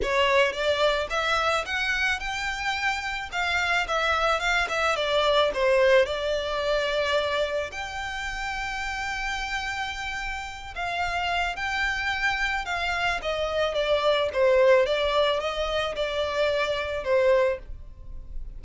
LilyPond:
\new Staff \with { instrumentName = "violin" } { \time 4/4 \tempo 4 = 109 cis''4 d''4 e''4 fis''4 | g''2 f''4 e''4 | f''8 e''8 d''4 c''4 d''4~ | d''2 g''2~ |
g''2.~ g''8 f''8~ | f''4 g''2 f''4 | dis''4 d''4 c''4 d''4 | dis''4 d''2 c''4 | }